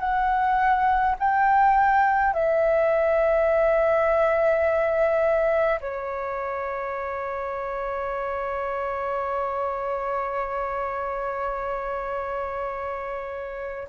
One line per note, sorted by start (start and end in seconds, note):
0.00 1.15 F#5
1.19 2.33 G5
2.33 5.80 E5
5.81 13.88 C#5